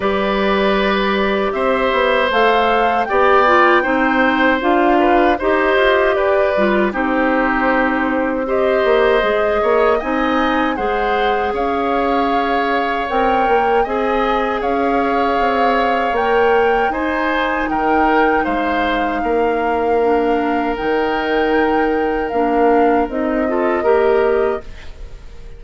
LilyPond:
<<
  \new Staff \with { instrumentName = "flute" } { \time 4/4 \tempo 4 = 78 d''2 e''4 f''4 | g''2 f''4 dis''4 | d''4 c''2 dis''4~ | dis''4 gis''4 fis''4 f''4~ |
f''4 g''4 gis''4 f''4~ | f''4 g''4 gis''4 g''4 | f''2. g''4~ | g''4 f''4 dis''2 | }
  \new Staff \with { instrumentName = "oboe" } { \time 4/4 b'2 c''2 | d''4 c''4. b'8 c''4 | b'4 g'2 c''4~ | c''8 cis''8 dis''4 c''4 cis''4~ |
cis''2 dis''4 cis''4~ | cis''2 c''4 ais'4 | c''4 ais'2.~ | ais'2~ ais'8 a'8 ais'4 | }
  \new Staff \with { instrumentName = "clarinet" } { \time 4/4 g'2. a'4 | g'8 f'8 dis'4 f'4 g'4~ | g'8 f'8 dis'2 g'4 | gis'4 dis'4 gis'2~ |
gis'4 ais'4 gis'2~ | gis'4 ais'4 dis'2~ | dis'2 d'4 dis'4~ | dis'4 d'4 dis'8 f'8 g'4 | }
  \new Staff \with { instrumentName = "bassoon" } { \time 4/4 g2 c'8 b8 a4 | b4 c'4 d'4 dis'8 f'8 | g'8 g8 c'2~ c'8 ais8 | gis8 ais8 c'4 gis4 cis'4~ |
cis'4 c'8 ais8 c'4 cis'4 | c'4 ais4 dis'4 dis4 | gis4 ais2 dis4~ | dis4 ais4 c'4 ais4 | }
>>